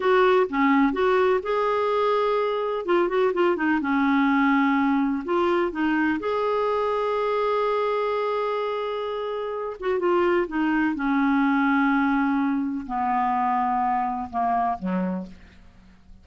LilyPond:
\new Staff \with { instrumentName = "clarinet" } { \time 4/4 \tempo 4 = 126 fis'4 cis'4 fis'4 gis'4~ | gis'2 f'8 fis'8 f'8 dis'8 | cis'2. f'4 | dis'4 gis'2.~ |
gis'1~ | gis'8 fis'8 f'4 dis'4 cis'4~ | cis'2. b4~ | b2 ais4 fis4 | }